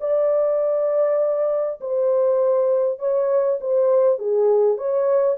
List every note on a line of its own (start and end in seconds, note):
0.00 1.80 D5
1.81 2.99 C5
2.99 3.59 C#5
3.61 4.18 C5
4.18 4.77 G#4
4.77 5.37 C#5